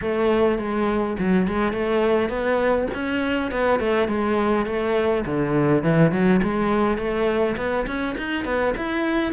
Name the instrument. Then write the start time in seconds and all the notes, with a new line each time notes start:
cello
0.01 A3
0.58 G#3
1.18 F#3
1.47 G#3
1.72 A3
2.29 B3
2.94 C#4
3.51 B3
3.79 A3
4.08 G#3
4.66 A3
5.25 D3
5.83 E3
6.11 F#3
6.43 G#3
6.97 A3
7.56 B3
7.86 C#4
8.17 D#4
8.45 B3
8.77 E4